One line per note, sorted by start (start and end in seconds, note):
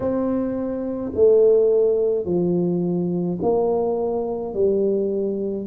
0.00 1.11 C4
1.14 2.25 A3
2.25 3.38 F3
3.42 4.54 A#3
4.54 5.66 G3